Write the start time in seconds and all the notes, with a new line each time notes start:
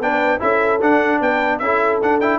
0.00 B3 D4 B4 G5
0.40 C#4 E4 A4 E5
0.82 D4 F#5
1.21 B3 B4 G5
1.59 C#4 E4 A4 E5
2.02 D4 F#5
2.21 E4 G5